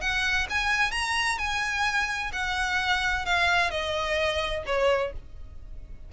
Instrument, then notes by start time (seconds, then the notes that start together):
violin
0.00 F#5
0.49 G#5
0.91 A#5
1.38 G#5
2.32 F#5
3.25 F5
3.70 D#5
4.66 C#5